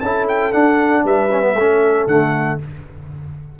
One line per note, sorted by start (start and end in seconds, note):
0.00 0.53 C#4
0.00 0.52 E4
0.00 1.04 A4
0.00 0.26 A5
0.28 0.53 G5
0.52 1.29 D4
0.52 1.04 D4
0.52 1.04 F#5
1.04 1.54 G3
1.04 1.55 B4
1.04 2.07 E5
1.31 1.41 C#4
1.41 1.54 B3
1.54 2.05 A3
1.54 2.08 C#4
1.54 2.59 A4
2.07 2.58 D3
2.07 2.59 A3
2.07 2.59 F#5